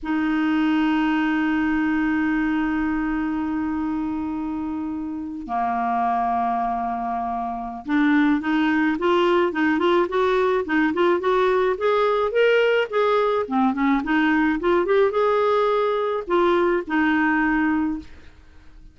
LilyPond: \new Staff \with { instrumentName = "clarinet" } { \time 4/4 \tempo 4 = 107 dis'1~ | dis'1~ | dis'4.~ dis'16 ais2~ ais16~ | ais2 d'4 dis'4 |
f'4 dis'8 f'8 fis'4 dis'8 f'8 | fis'4 gis'4 ais'4 gis'4 | c'8 cis'8 dis'4 f'8 g'8 gis'4~ | gis'4 f'4 dis'2 | }